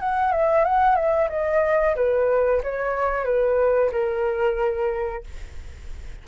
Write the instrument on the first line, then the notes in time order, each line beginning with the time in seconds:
flute
0.00 F#5
0.32 E5
0.65 F#5
0.96 E5
1.30 D#5
1.96 B4
2.63 C#5
3.25 B4
3.92 A#4